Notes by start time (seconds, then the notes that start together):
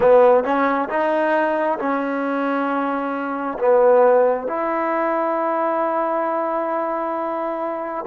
0.00 B3
0.44 C#4
0.89 D#4
1.79 C#4
3.59 B3
4.47 E4